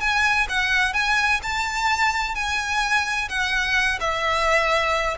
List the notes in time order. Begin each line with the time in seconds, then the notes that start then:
0.00 G#5
0.49 F#5
0.94 G#5
1.43 A5
2.35 G#5
3.29 F#5
4.00 E5